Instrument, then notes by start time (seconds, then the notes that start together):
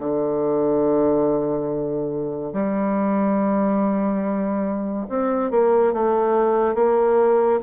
bassoon
0.00 D3
2.53 G3
5.10 C4
5.51 A#3
5.94 A3
6.75 A#3